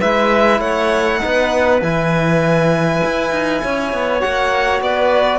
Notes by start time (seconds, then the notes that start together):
0.00 G#3 E4 B4 E5
0.60 A3 C#5 F#5
1.20 B3 D#4 B4
1.81 E3 E4 G#5
3.04 E4
3.31 D#4
3.64 C#4 C#5
3.93 B3
4.20 A#3 F#4 F#5
4.81 B3 B4 D5